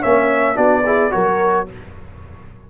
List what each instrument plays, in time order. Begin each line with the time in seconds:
0.00 tuba A#3, trombone C#4, horn C#5, trumpet E5
0.55 tuba B3, trombone D4, horn F#4, trumpet D5
0.86 trombone E4, horn G#4
1.11 tuba F#3, trombone F#4, horn A#4, trumpet C#5